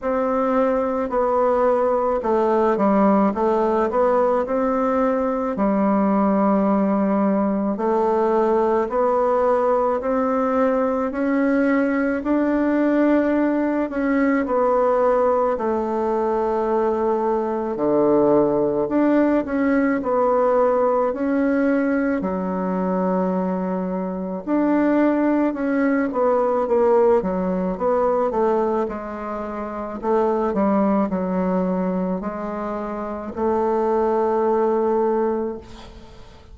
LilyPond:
\new Staff \with { instrumentName = "bassoon" } { \time 4/4 \tempo 4 = 54 c'4 b4 a8 g8 a8 b8 | c'4 g2 a4 | b4 c'4 cis'4 d'4~ | d'8 cis'8 b4 a2 |
d4 d'8 cis'8 b4 cis'4 | fis2 d'4 cis'8 b8 | ais8 fis8 b8 a8 gis4 a8 g8 | fis4 gis4 a2 | }